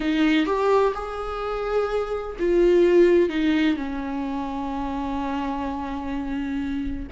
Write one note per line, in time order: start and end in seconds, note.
0.00 0.46 D#4
0.46 0.93 G4
0.94 2.36 G#4
2.39 3.29 F4
3.29 3.76 D#4
3.76 7.07 C#4